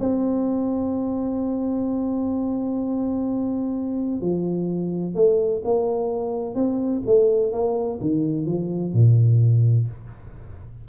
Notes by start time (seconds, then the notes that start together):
0.00 C4
4.22 F3
5.15 A3
5.65 A#3
6.55 C4
7.07 A3
7.52 A#3
8.01 D#3
8.46 F3
8.94 A#2